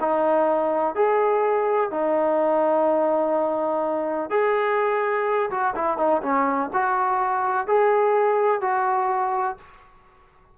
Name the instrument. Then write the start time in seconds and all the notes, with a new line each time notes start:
trombone
0.00 D#4
0.95 G#4
1.91 D#4
4.30 G#4
5.50 F#4
5.75 E4
5.97 D#4
6.22 C#4
6.73 F#4
7.67 G#4
8.61 F#4